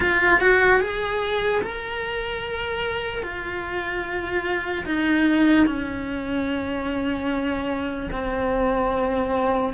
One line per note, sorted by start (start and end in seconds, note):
0.00 0.40 F4
0.40 0.80 F#4
0.80 1.61 G#4
1.61 3.22 A#4
3.22 4.84 F4
4.85 5.66 D#4
5.66 8.09 C#4
8.11 9.73 C4